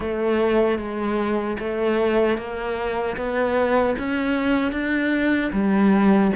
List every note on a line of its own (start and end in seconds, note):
0.00 0.78 A3
0.78 1.57 G#3
1.59 2.37 A3
2.37 3.16 A#3
3.16 3.95 B3
3.98 4.72 C#4
4.72 5.50 D4
5.52 6.31 G3